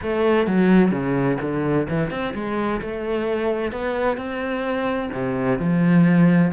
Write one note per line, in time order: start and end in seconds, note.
0.02 0.46 A3
0.46 0.91 F#3
0.91 1.37 C#3
1.41 1.87 D3
1.89 2.10 E3
2.10 2.33 C4
2.34 2.81 G#3
2.81 3.71 A3
3.71 4.17 B3
4.17 5.10 C4
5.12 5.58 C3
5.58 6.51 F3